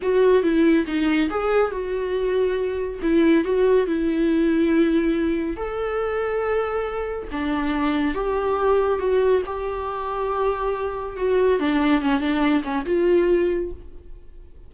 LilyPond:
\new Staff \with { instrumentName = "viola" } { \time 4/4 \tempo 4 = 140 fis'4 e'4 dis'4 gis'4 | fis'2. e'4 | fis'4 e'2.~ | e'4 a'2.~ |
a'4 d'2 g'4~ | g'4 fis'4 g'2~ | g'2 fis'4 d'4 | cis'8 d'4 cis'8 f'2 | }